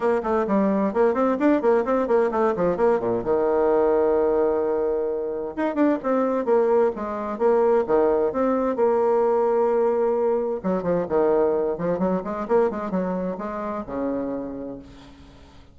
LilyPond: \new Staff \with { instrumentName = "bassoon" } { \time 4/4 \tempo 4 = 130 ais8 a8 g4 ais8 c'8 d'8 ais8 | c'8 ais8 a8 f8 ais8 ais,8 dis4~ | dis1 | dis'8 d'8 c'4 ais4 gis4 |
ais4 dis4 c'4 ais4~ | ais2. fis8 f8 | dis4. f8 fis8 gis8 ais8 gis8 | fis4 gis4 cis2 | }